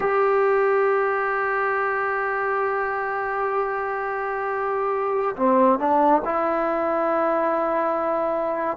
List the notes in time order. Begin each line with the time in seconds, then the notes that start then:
0.00 G4
5.36 C4
5.79 D4
6.24 E4